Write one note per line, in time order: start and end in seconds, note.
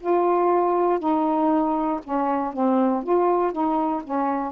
0.00 0.99 F4
0.99 2.00 D#4
2.04 2.53 C#4
2.53 3.03 C4
3.03 3.52 F4
3.52 4.03 D#4
4.04 4.52 C#4